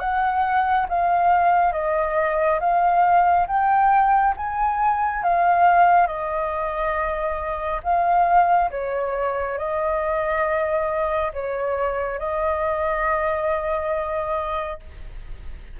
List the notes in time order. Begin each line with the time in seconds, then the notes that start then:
0.00 F#5
0.89 F5
1.73 D#5
2.60 F5
3.48 G5
4.38 G#5
5.24 F5
6.08 D#5
7.84 F5
8.71 C#5
9.58 D#5
11.34 C#5
12.19 D#5